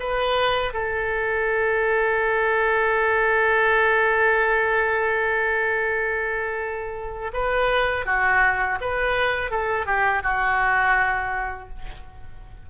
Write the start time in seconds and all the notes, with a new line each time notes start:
0.00 B4
0.74 A4
7.34 B4
8.06 F#4
8.81 B4
9.51 A4
9.87 G4
10.23 F#4